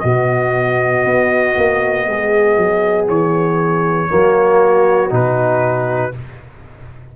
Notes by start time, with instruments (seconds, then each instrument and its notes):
0.00 tuba B2, trombone B3, horn F#4, trumpet D#5
1.05 tuba B3
1.57 tuba A#3
2.07 tuba G#3, horn G#4
2.57 tuba F#3
3.08 tuba E3, trumpet C#5
4.09 tuba F#3, trombone A#3, horn F#4
5.10 tuba B2, trombone D#4, trumpet B4